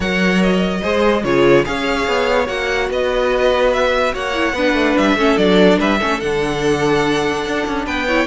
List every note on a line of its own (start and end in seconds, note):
0.00 0.81 F#3
0.00 0.82 A#4
0.00 0.80 C#5
0.00 0.42 F#5
0.42 1.24 D#5
0.81 1.24 G#3
0.81 1.24 G#4
0.81 1.23 C5
1.24 1.65 C#3
1.24 1.65 F4
1.24 1.66 G#4
1.24 1.64 C#5
1.64 2.07 C#4
1.64 2.45 G#4
1.64 2.90 C#5
1.64 2.47 F5
2.07 2.48 B3
2.45 2.89 A#3
2.45 4.32 F#4
2.45 2.89 F#5
2.89 4.13 B3
2.89 4.13 B4
2.89 3.73 D#5
3.73 4.14 E5
4.13 4.53 A#3
4.13 4.54 C#5
4.13 4.97 F#5
4.33 4.54 E4
4.53 4.73 B3
4.53 5.18 D4
4.53 5.16 B4
4.73 4.94 A3
4.97 5.15 G3
4.97 5.37 E5
5.15 5.36 A3
5.15 5.37 C#4
5.15 5.79 A4
5.37 5.78 F#3
5.37 5.99 D4
5.37 5.78 D5
5.79 6.00 G3
5.79 5.98 B4
5.79 6.20 E5
5.98 6.21 A3
5.98 6.21 C#4
5.98 7.84 A4
6.20 7.45 D3
6.20 8.07 D4
6.20 7.85 F#5
7.45 7.66 D4
7.66 7.86 C#4
7.85 8.26 B3
7.85 8.06 B4
7.85 8.26 G5
8.06 8.26 E4
8.06 8.26 C#5